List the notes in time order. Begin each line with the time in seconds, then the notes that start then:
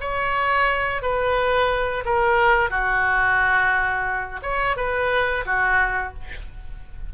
0.00 C#5
1.01 B4
2.05 A#4
2.70 F#4
4.42 C#5
4.76 B4
5.45 F#4